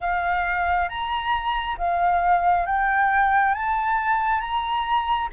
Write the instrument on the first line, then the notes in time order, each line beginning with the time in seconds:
flute
0.00 F5
0.88 A#5
1.78 F5
2.66 G5
3.54 A5
4.40 A#5